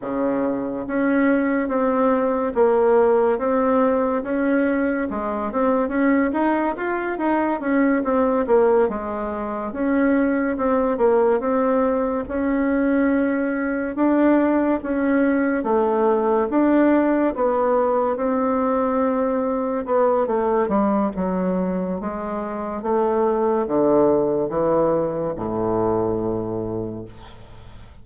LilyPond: \new Staff \with { instrumentName = "bassoon" } { \time 4/4 \tempo 4 = 71 cis4 cis'4 c'4 ais4 | c'4 cis'4 gis8 c'8 cis'8 dis'8 | f'8 dis'8 cis'8 c'8 ais8 gis4 cis'8~ | cis'8 c'8 ais8 c'4 cis'4.~ |
cis'8 d'4 cis'4 a4 d'8~ | d'8 b4 c'2 b8 | a8 g8 fis4 gis4 a4 | d4 e4 a,2 | }